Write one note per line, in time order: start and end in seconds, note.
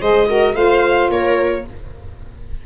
0.00 0.55 G#3
0.00 0.27 G#4
0.00 0.28 C5
0.00 0.56 D#5
0.27 0.54 F#4
0.27 0.56 A#4
0.54 1.10 A3
0.54 1.64 F4
0.54 1.11 C5
0.54 1.11 F5
1.10 1.65 A#3
1.10 1.66 A#4
1.10 1.66 C#5